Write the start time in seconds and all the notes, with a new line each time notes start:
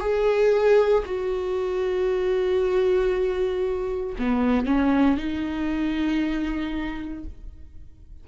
0.00 G#4
1.05 F#4
4.18 B3
4.66 C#4
5.17 D#4